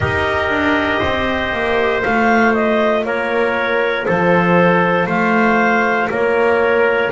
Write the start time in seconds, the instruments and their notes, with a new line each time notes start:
0.00 double bass D#4, trombone G4, trumpet A#4, clarinet D#5
0.48 double bass D4
0.99 double bass C4, trumpet C5
1.52 double bass A#3
2.03 double bass A3, trombone F4, clarinet F5
2.54 clarinet D#5
3.04 double bass A#3, trumpet A#4, clarinet C#5
4.06 double bass F3, trumpet A4, clarinet C5
5.06 double bass A3, trumpet C5, clarinet F5
6.09 double bass A#3, trumpet A#4, clarinet C#5